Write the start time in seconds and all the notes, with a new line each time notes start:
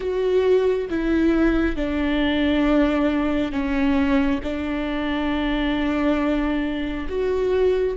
0.00 F#4
0.89 E4
1.76 D4
3.51 C#4
4.43 D4
7.08 F#4